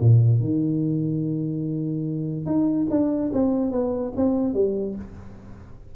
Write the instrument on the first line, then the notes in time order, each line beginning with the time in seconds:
tuba
0.00 A#2
0.40 D#3
2.46 D#4
2.90 D4
3.33 C4
3.71 B3
4.16 C4
4.54 G3